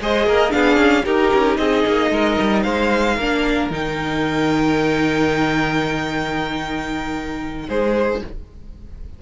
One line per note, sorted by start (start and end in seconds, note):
0.00 0.26 G#3
0.00 0.50 G#4
0.00 0.26 C5
0.00 0.52 D#5
0.26 0.53 A#3
0.26 0.53 A#4
0.50 0.77 B3
0.50 1.03 D4
0.50 1.05 G#4
0.50 1.05 F5
0.77 1.03 C#4
1.05 3.18 D#4
1.05 1.32 D#4
1.05 1.58 G4
1.05 1.57 A#4
1.34 1.58 C#4
1.57 1.84 C4
1.57 2.12 G#4
1.57 2.63 D#5
1.87 2.11 A#3
2.11 2.37 G#3
2.11 2.63 A#4
2.39 2.65 G3
2.63 3.17 G#3
2.63 3.16 C5
2.63 3.69 F5
3.16 3.70 A#3
3.16 3.71 D4
3.16 7.67 A#4
3.70 7.68 D#3
3.70 8.22 D#4
3.70 7.69 G5
7.68 8.22 G#3
7.68 8.22 G#4
7.68 8.22 C5